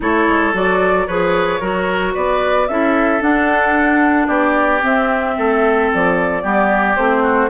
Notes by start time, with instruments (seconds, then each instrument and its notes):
0.00 bassoon A3, clarinet E4, oboe A4, flute C#5
0.28 bassoon G#3
0.53 bassoon F#3, clarinet F#4, flute D5
1.07 bassoon F3, clarinet G#4, oboe B4, flute C#5
1.60 bassoon F#3, clarinet F#4, oboe A#4
2.13 bassoon B3, oboe B4, flute D5
2.68 bassoon C#4, clarinet E4, oboe A4, flute E5
3.20 clarinet D4, bassoon D4, flute F#5
4.27 bassoon B3, oboe G4, flute D5
4.80 clarinet C4, bassoon C4, flute E5
5.37 bassoon A3, oboe A4
5.93 bassoon F3, flute D5
6.43 bassoon G3, clarinet B3, oboe G4
6.96 bassoon A3, clarinet C4, flute C5
7.23 oboe F#4